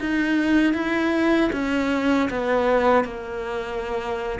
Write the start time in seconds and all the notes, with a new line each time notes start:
0.00 D#4
0.73 E4
1.52 C#4
2.30 B3
3.04 A#3